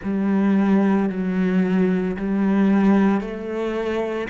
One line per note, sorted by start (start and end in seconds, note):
0.03 1.09 G3
1.09 2.16 F#3
2.16 3.20 G3
3.20 4.28 A3